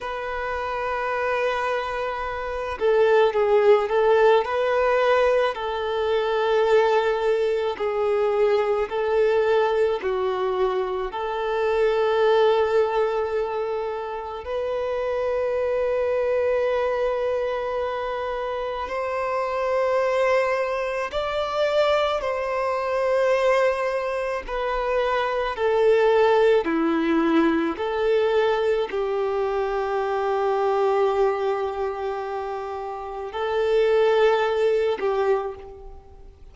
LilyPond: \new Staff \with { instrumentName = "violin" } { \time 4/4 \tempo 4 = 54 b'2~ b'8 a'8 gis'8 a'8 | b'4 a'2 gis'4 | a'4 fis'4 a'2~ | a'4 b'2.~ |
b'4 c''2 d''4 | c''2 b'4 a'4 | e'4 a'4 g'2~ | g'2 a'4. g'8 | }